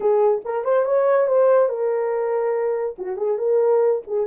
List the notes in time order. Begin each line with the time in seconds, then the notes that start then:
0.00 G#4
0.44 A#4
0.64 C5
0.85 C#5
1.27 C5
1.68 A#4
2.98 F#4
3.16 G#4
3.38 A#4
4.07 G#4